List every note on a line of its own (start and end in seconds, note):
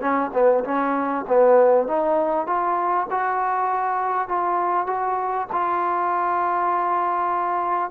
0.00 0.30 C#4
0.33 0.63 B3
0.64 1.25 C#4
1.27 1.87 B3
1.87 2.46 D#4
2.46 3.07 F4
3.10 4.28 F#4
4.28 4.86 F4
4.86 5.47 F#4
5.52 7.90 F4